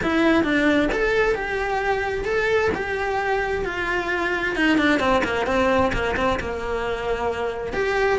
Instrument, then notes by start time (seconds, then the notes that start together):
cello
0.02 E4
0.43 D4
0.92 A4
1.34 G4
2.25 A4
2.74 G4
3.65 F4
4.55 D#4
4.77 D4
4.99 C4
5.24 A#3
5.46 C4
5.93 A#3
6.16 C4
6.39 A#3
7.73 G4